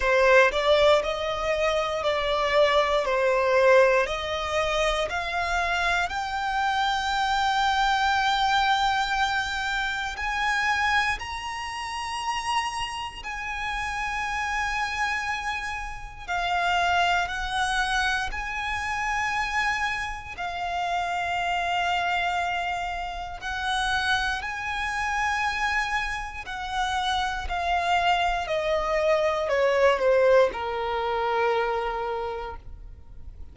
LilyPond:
\new Staff \with { instrumentName = "violin" } { \time 4/4 \tempo 4 = 59 c''8 d''8 dis''4 d''4 c''4 | dis''4 f''4 g''2~ | g''2 gis''4 ais''4~ | ais''4 gis''2. |
f''4 fis''4 gis''2 | f''2. fis''4 | gis''2 fis''4 f''4 | dis''4 cis''8 c''8 ais'2 | }